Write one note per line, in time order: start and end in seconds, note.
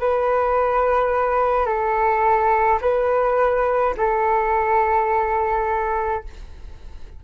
0.00 1.66 B4
1.66 2.79 A4
2.81 3.94 B4
3.97 6.24 A4